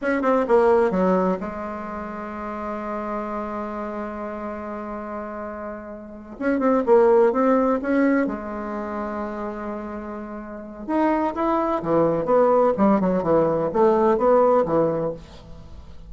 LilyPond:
\new Staff \with { instrumentName = "bassoon" } { \time 4/4 \tempo 4 = 127 cis'8 c'8 ais4 fis4 gis4~ | gis1~ | gis1~ | gis4. cis'8 c'8 ais4 c'8~ |
c'8 cis'4 gis2~ gis8~ | gis2. dis'4 | e'4 e4 b4 g8 fis8 | e4 a4 b4 e4 | }